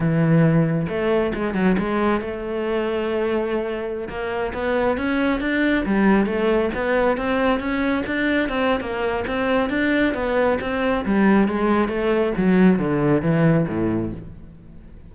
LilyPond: \new Staff \with { instrumentName = "cello" } { \time 4/4 \tempo 4 = 136 e2 a4 gis8 fis8 | gis4 a2.~ | a4~ a16 ais4 b4 cis'8.~ | cis'16 d'4 g4 a4 b8.~ |
b16 c'4 cis'4 d'4 c'8. | ais4 c'4 d'4 b4 | c'4 g4 gis4 a4 | fis4 d4 e4 a,4 | }